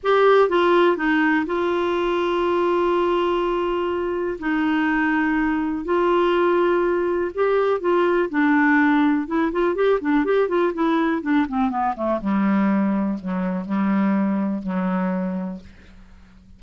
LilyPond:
\new Staff \with { instrumentName = "clarinet" } { \time 4/4 \tempo 4 = 123 g'4 f'4 dis'4 f'4~ | f'1~ | f'4 dis'2. | f'2. g'4 |
f'4 d'2 e'8 f'8 | g'8 d'8 g'8 f'8 e'4 d'8 c'8 | b8 a8 g2 fis4 | g2 fis2 | }